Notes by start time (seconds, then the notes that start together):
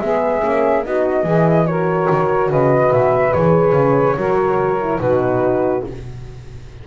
0.00 G#3 B3 G#4 E5
0.41 A#3 C#4
0.83 B3 D#4 F#4 D#5
1.23 E3 E4 G#4
1.66 F#4 A#4 C#5
2.10 D#3
2.49 C#3 B4 D#5
2.92 B2 E5
3.33 E3 G#4 C#5
3.72 C#3
4.16 F#3 F#4 A#4
4.80 E4
4.99 B2 D#4 F#4 B4